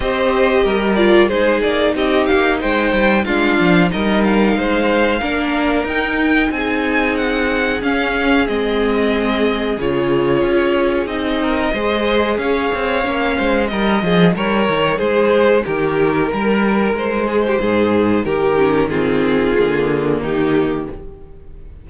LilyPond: <<
  \new Staff \with { instrumentName = "violin" } { \time 4/4 \tempo 4 = 92 dis''4. d''8 c''8 d''8 dis''8 f''8 | g''4 f''4 dis''8 f''4.~ | f''4 g''4 gis''4 fis''4 | f''4 dis''2 cis''4~ |
cis''4 dis''2 f''4~ | f''4 dis''4 cis''4 c''4 | ais'2 c''2 | ais'4 gis'2 g'4 | }
  \new Staff \with { instrumentName = "violin" } { \time 4/4 c''4 ais'4 gis'4 g'4 | c''4 f'4 ais'4 c''4 | ais'2 gis'2~ | gis'1~ |
gis'4. ais'8 c''4 cis''4~ | cis''8 c''8 ais'8 gis'8 ais'4 gis'4 | g'4 ais'4. gis'16 g'16 gis'4 | g'4 f'2 dis'4 | }
  \new Staff \with { instrumentName = "viola" } { \time 4/4 g'4. f'8 dis'2~ | dis'4 d'4 dis'2 | d'4 dis'2. | cis'4 c'2 f'4~ |
f'4 dis'4 gis'2 | cis'4 dis'2.~ | dis'1~ | dis'8 cis'8 c'4 ais2 | }
  \new Staff \with { instrumentName = "cello" } { \time 4/4 c'4 g4 gis8 ais8 c'8 ais8 | gis8 g8 gis8 f8 g4 gis4 | ais4 dis'4 c'2 | cis'4 gis2 cis4 |
cis'4 c'4 gis4 cis'8 c'8 | ais8 gis8 g8 f8 g8 dis8 gis4 | dis4 g4 gis4 gis,4 | dis2 d4 dis4 | }
>>